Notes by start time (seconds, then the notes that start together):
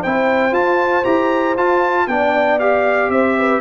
0.00 C4 E4 C5 G5
0.52 F4 A5
1.04 E4 G4 A#5
1.57 F4 A5
2.07 B3 D4 D5 G5
2.59 G4 F5
3.09 C4 C5 E5
3.39 B4